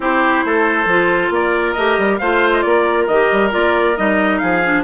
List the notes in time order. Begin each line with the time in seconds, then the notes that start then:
0.00 C4 E4 G4 C5
0.44 A3 A4
0.85 F3 F4
1.30 A#3 A#4 D5
1.73 A3 G4 D#5
1.97 G3
2.18 A3 F4 C5 F5
2.52 D#5
2.62 A#3 A#4 D5
3.07 D#3 G4 D#5
3.31 G3
3.50 A#3 F4 D5
3.96 G3 D#4 D#5
4.38 F3 G#4 F5
4.64 D4